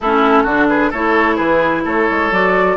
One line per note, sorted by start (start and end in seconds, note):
0.00 0.44 A3
0.00 0.46 C#4
0.00 0.43 E4
0.00 0.68 A4
0.43 0.90 D3
0.43 0.93 D4
0.43 0.66 F#4
0.68 0.90 G#4
0.68 0.91 B4
0.90 1.38 A3
0.90 2.32 E4
0.90 1.35 A4
0.90 1.36 C#5
1.35 1.84 E3
1.35 1.82 G#4
1.35 1.82 B4
1.84 2.08 A3
1.84 2.76 A4
1.84 2.32 C#5
2.10 2.31 G#3
2.31 2.76 F#3
2.31 2.76 F#4
2.31 2.76 D5